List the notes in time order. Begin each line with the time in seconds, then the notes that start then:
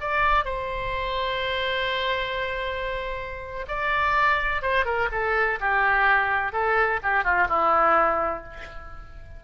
0.00 D5
0.44 C5
3.68 D5
4.62 C5
4.85 A#4
5.11 A4
5.60 G4
6.52 A4
7.02 G4
7.24 F4
7.48 E4